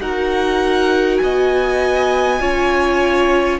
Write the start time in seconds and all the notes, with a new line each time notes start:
0.00 D#4 F#4 A#4 F#5
1.18 B3 D#5 G#5
2.40 C#4 F4 C#5